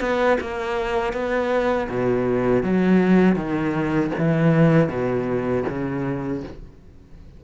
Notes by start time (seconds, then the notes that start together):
0.00 B3
0.41 A#3
1.12 B3
1.89 B2
2.62 F#3
3.35 D#3
4.18 E3
4.89 B2
5.68 C#3